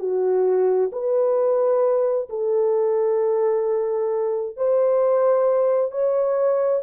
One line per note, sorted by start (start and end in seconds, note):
0.00 0.91 F#4
0.93 2.29 B4
2.30 4.57 A4
4.57 5.92 C5
5.92 6.83 C#5